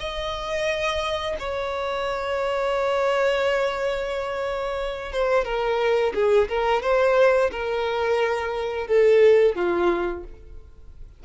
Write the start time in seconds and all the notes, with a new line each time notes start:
0.00 D#5
1.39 C#5
5.12 C5
5.45 A#4
6.14 G#4
6.49 A#4
6.82 C5
7.52 A#4
8.87 A4
9.55 F4